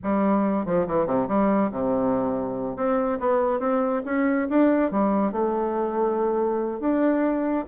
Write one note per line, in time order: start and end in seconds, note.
0.03 0.65 G3
0.65 0.86 F3
0.87 1.06 E3
1.06 1.27 C3
1.28 1.70 G3
1.71 2.76 C3
2.76 3.18 C4
3.19 3.59 B3
3.59 4.02 C4
4.05 4.48 C#4
4.49 4.91 D4
4.91 5.32 G3
5.32 6.79 A3
6.79 7.65 D4